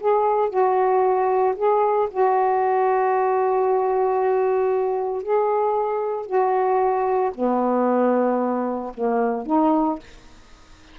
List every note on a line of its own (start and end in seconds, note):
0.00 0.50 G#4
0.50 1.55 F#4
1.56 2.09 G#4
2.11 5.23 F#4
5.23 6.27 G#4
6.27 7.32 F#4
7.35 8.93 B3
8.94 9.46 A#3
9.46 9.99 D#4